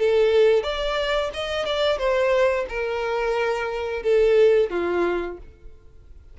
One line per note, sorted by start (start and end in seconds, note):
0.00 0.63 A4
0.63 1.31 D5
1.34 1.66 D#5
1.66 1.99 D5
1.99 2.66 C5
2.69 4.03 A#4
4.03 4.71 A4
4.71 5.38 F4